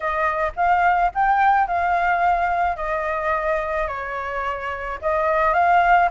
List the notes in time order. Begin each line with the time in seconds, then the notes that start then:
0.00 D#5
0.56 F5
1.14 G5
1.67 F5
2.76 D#5
3.87 C#5
5.01 D#5
5.53 F5